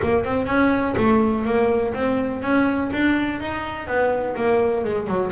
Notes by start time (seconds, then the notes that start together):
0.02 A#3
0.24 C4
0.46 C#4
0.96 A3
1.45 A#3
1.94 C4
2.42 C#4
2.93 D4
3.40 D#4
3.87 B3
4.36 A#3
4.84 G#3
5.07 F#3